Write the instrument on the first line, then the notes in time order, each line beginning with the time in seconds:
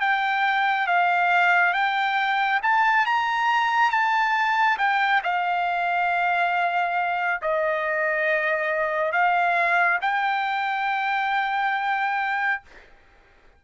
trumpet
0.00 G5
0.87 F5
1.73 G5
2.62 A5
3.05 A#5
3.90 A5
4.78 G5
5.23 F5
7.42 D#5
9.12 F5
10.01 G5